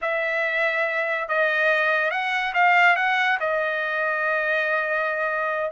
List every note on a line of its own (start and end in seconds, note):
0.01 1.28 E5
1.28 2.10 D#5
2.10 2.53 F#5
2.54 2.96 F5
2.96 3.38 F#5
3.40 5.71 D#5